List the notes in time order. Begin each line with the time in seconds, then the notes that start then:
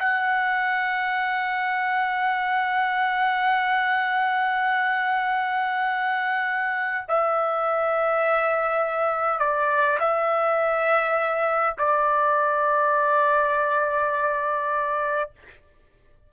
0.00 F#5
7.09 E5
9.40 D5
10.00 E5
11.78 D5